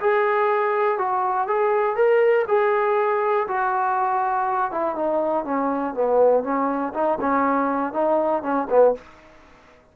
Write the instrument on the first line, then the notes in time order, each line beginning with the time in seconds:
trombone
0.00 G#4
0.98 F#4
1.47 G#4
1.96 A#4
2.47 G#4
3.48 F#4
4.71 E4
4.95 D#4
5.45 C#4
5.94 B3
6.43 C#4
6.94 D#4
7.21 C#4
7.93 D#4
8.43 C#4
8.70 B3